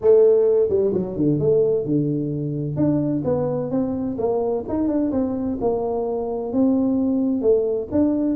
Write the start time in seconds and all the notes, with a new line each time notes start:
0.01 A3
0.69 G3
0.93 F#3
1.16 D3
1.39 A3
1.85 D3
2.76 D4
3.24 B3
3.70 C4
4.18 A#3
4.68 D#4
4.88 D4
5.11 C4
5.60 A#3
6.52 C4
7.41 A3
7.91 D4